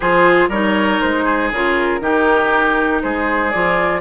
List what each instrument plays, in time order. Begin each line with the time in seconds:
0.00 bassoon F3, clarinet F4, oboe G#4, flute C5
0.48 bassoon G3, clarinet D#4, oboe A#4, flute C#5
1.01 bassoon G#3, flute C5
1.24 oboe G#4
1.51 bassoon C#3, clarinet F4, flute A#4
2.00 bassoon D#3, clarinet D#4, oboe G4
3.02 bassoon G#3, oboe G#4, flute C5
3.50 bassoon F3, clarinet F4, flute D5